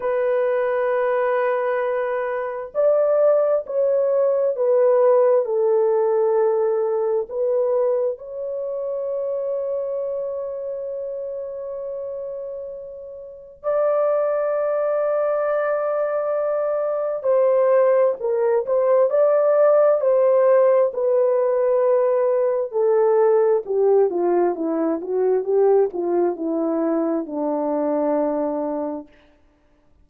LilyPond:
\new Staff \with { instrumentName = "horn" } { \time 4/4 \tempo 4 = 66 b'2. d''4 | cis''4 b'4 a'2 | b'4 cis''2.~ | cis''2. d''4~ |
d''2. c''4 | ais'8 c''8 d''4 c''4 b'4~ | b'4 a'4 g'8 f'8 e'8 fis'8 | g'8 f'8 e'4 d'2 | }